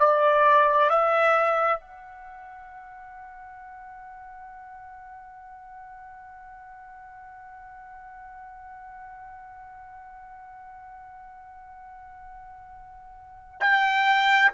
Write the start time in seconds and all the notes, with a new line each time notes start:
0.00 D5
0.90 E5
1.80 F#5
13.60 G5